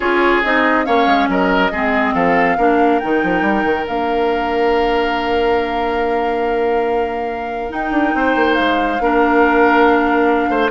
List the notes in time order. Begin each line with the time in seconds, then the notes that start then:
0.00 C#4 F4 G#4 C#5
0.43 C4 D#4 D#5
0.85 A#3 C#4 C#5 F5
1.06 G#3
1.28 F#3 A#4 D#5
1.72 G#3 C4 G#4
2.14 F3 A4 F5
2.57 A#3 D4 A#4
2.99 D#3 D#4 G5
3.23 F3
3.41 G3
3.64 D#3
3.83 A#3 D4 F5
7.69 D#4 G5
7.90 D4
8.14 C4 C5
8.35 A#3
8.54 G#3 F5
8.99 A#3 D4 A#4
10.49 A3 C5